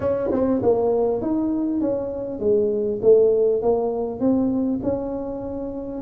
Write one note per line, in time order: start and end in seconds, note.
0.00 0.30 C#4
0.31 0.61 C4
0.62 1.21 A#3
1.21 1.81 D#4
1.81 2.39 C#4
2.39 2.99 G#3
3.02 3.62 A3
3.62 4.20 A#3
4.20 4.80 C4
4.82 6.01 C#4